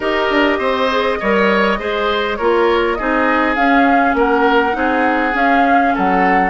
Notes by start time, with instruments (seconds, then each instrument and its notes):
0.00 bassoon D#4, clarinet G4, oboe A#4, flute D#5
0.29 bassoon D4
0.59 bassoon C4, oboe C5
0.90 clarinet G#4
1.20 bassoon G3, clarinet A#4, oboe C#5
1.78 bassoon G#3, clarinet G#4, oboe C5
2.36 bassoon A#3, clarinet F4, oboe A#4, flute C#5
2.95 bassoon C4, clarinet D#4, oboe G#4, flute D#5
3.55 clarinet C#4, bassoon C#4, flute F5
4.14 bassoon A#3, oboe A#4, flute F#5
4.72 bassoon C4, clarinet D#4, oboe G#4
5.33 clarinet C#4, bassoon C#4, flute F5
5.94 bassoon F#3, oboe A4, flute F#5